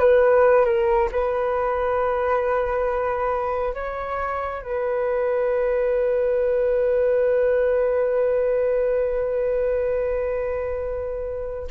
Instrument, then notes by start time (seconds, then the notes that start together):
flute
0.00 B4
0.66 A#4
1.12 B4
3.75 C#5
4.62 B4